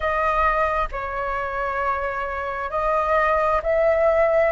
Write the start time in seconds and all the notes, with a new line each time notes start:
0.00 D#5
0.91 C#5
2.70 D#5
3.62 E5